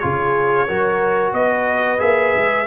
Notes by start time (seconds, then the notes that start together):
0.00 C#3 F4 G#4 C#5
0.68 F#3 F#4 A#4
1.33 B3 B4 D#5
1.99 A#3 G#4 E5
2.36 G#3